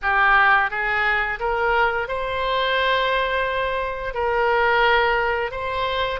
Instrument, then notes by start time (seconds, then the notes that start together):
oboe
0.02 G4
0.70 G#4
1.39 A#4
2.08 C5
4.13 A#4
5.51 C5